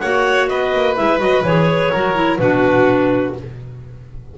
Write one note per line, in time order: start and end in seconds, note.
0.00 0.50 A#3
0.00 0.97 F#4
0.00 0.50 C#5
0.00 0.48 F#5
0.49 0.73 B3
0.49 1.92 B4
0.49 0.96 D#5
0.74 0.98 A#3
0.97 1.19 G#3
0.97 1.19 E4
0.97 1.20 E5
1.19 1.43 F#3
1.19 1.43 F#4
1.19 1.45 D#5
1.44 1.91 E3
1.44 1.94 G#4
1.44 2.38 C#5
1.92 2.40 F#3
1.92 2.15 F#4
1.92 2.39 A#4
2.15 2.39 E4
2.38 3.35 B2
2.38 3.35 D4
2.38 3.38 F#4
2.38 3.34 B4